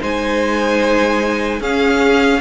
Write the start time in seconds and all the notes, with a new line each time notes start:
0.00 G#3 D#4 C5 G#5
1.60 C#4 G#4 F5